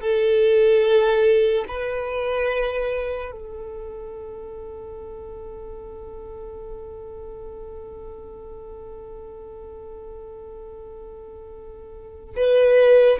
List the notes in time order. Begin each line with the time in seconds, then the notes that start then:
0.00 A4
1.68 B4
3.31 A4
12.36 B4